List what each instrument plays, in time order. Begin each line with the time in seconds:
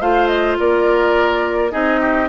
0.00 bassoon A3, clarinet F4, oboe C5, flute F5
0.27 flute D#5
0.59 bassoon A#3, oboe A#4, flute D5
1.71 bassoon C4, clarinet D#4, oboe G#4, flute D#5
2.00 oboe G4